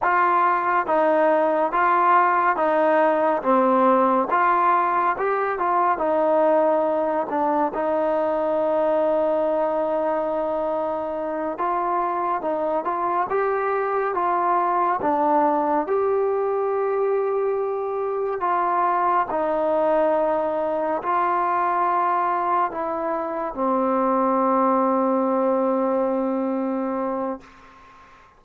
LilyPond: \new Staff \with { instrumentName = "trombone" } { \time 4/4 \tempo 4 = 70 f'4 dis'4 f'4 dis'4 | c'4 f'4 g'8 f'8 dis'4~ | dis'8 d'8 dis'2.~ | dis'4. f'4 dis'8 f'8 g'8~ |
g'8 f'4 d'4 g'4.~ | g'4. f'4 dis'4.~ | dis'8 f'2 e'4 c'8~ | c'1 | }